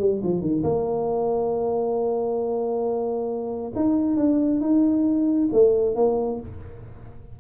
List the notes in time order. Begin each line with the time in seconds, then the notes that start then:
0.00 G3
0.24 F3
0.42 D#3
0.64 A#3
3.76 D#4
4.17 D4
4.61 D#4
5.53 A3
5.96 A#3